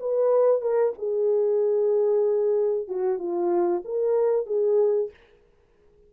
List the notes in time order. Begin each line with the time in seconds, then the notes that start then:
0.00 B4
0.62 A#4
0.98 G#4
2.88 F#4
3.19 F4
3.85 A#4
4.47 G#4